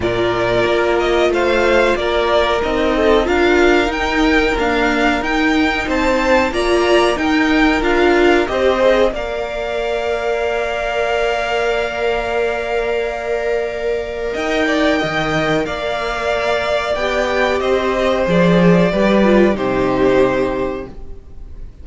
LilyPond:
<<
  \new Staff \with { instrumentName = "violin" } { \time 4/4 \tempo 4 = 92 d''4. dis''8 f''4 d''4 | dis''4 f''4 g''4 f''4 | g''4 a''4 ais''4 g''4 | f''4 dis''4 f''2~ |
f''1~ | f''2 g''2 | f''2 g''4 dis''4 | d''2 c''2 | }
  \new Staff \with { instrumentName = "violin" } { \time 4/4 ais'2 c''4 ais'4~ | ais'8 a'8 ais'2.~ | ais'4 c''4 d''4 ais'4~ | ais'4 c''4 d''2~ |
d''1~ | d''2 dis''8 d''8 dis''4 | d''2. c''4~ | c''4 b'4 g'2 | }
  \new Staff \with { instrumentName = "viola" } { \time 4/4 f'1 | dis'4 f'4 dis'4 ais4 | dis'2 f'4 dis'4 | f'4 g'8 gis'8 ais'2~ |
ais'1~ | ais'1~ | ais'2 g'2 | gis'4 g'8 f'8 dis'2 | }
  \new Staff \with { instrumentName = "cello" } { \time 4/4 ais,4 ais4 a4 ais4 | c'4 d'4 dis'4 d'4 | dis'4 c'4 ais4 dis'4 | d'4 c'4 ais2~ |
ais1~ | ais2 dis'4 dis4 | ais2 b4 c'4 | f4 g4 c2 | }
>>